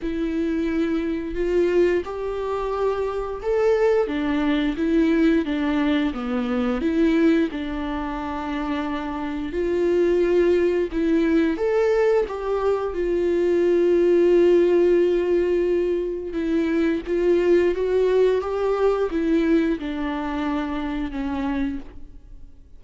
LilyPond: \new Staff \with { instrumentName = "viola" } { \time 4/4 \tempo 4 = 88 e'2 f'4 g'4~ | g'4 a'4 d'4 e'4 | d'4 b4 e'4 d'4~ | d'2 f'2 |
e'4 a'4 g'4 f'4~ | f'1 | e'4 f'4 fis'4 g'4 | e'4 d'2 cis'4 | }